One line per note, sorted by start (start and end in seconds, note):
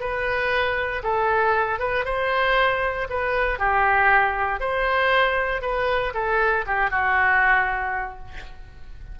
0.00 1.03 B4
1.03 1.79 A4
1.79 2.05 B4
2.05 3.08 C5
3.10 3.59 B4
3.59 4.60 G4
4.60 5.62 C5
5.62 6.13 B4
6.14 6.65 A4
6.67 6.90 G4
6.90 8.19 F#4